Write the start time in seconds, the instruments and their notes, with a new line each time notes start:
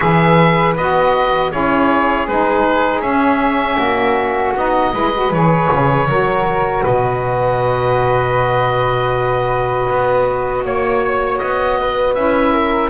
0.00 double bass E3, saxophone G#4, flute B4, oboe E5
0.76 double bass B3, saxophone F#4, oboe D#5
1.51 double bass C#4, saxophone E4, flute G#4, oboe C#5
2.27 double bass G#3, saxophone D#4, oboe B4
3.00 double bass C#4, saxophone C#4, oboe E5
3.78 double bass A#3, flute F#4
4.54 double bass B3, saxophone D#4, oboe D#5
4.93 double bass G#3, saxophone E4, flute B4
5.13 saxophone F#4
5.30 double bass E3, saxophone G#4, oboe C#5
5.72 double bass C#3
6.08 double bass F#3, saxophone F#4, flute A#4
6.83 double bass B2, flute B4, oboe D#5
9.89 double bass B3
10.64 double bass A#3, flute C#5, oboe C#5
11.38 double bass B3, oboe D#5
11.79 flute B4
12.14 double bass C#4, saxophone E4, oboe E5
12.52 flute A#4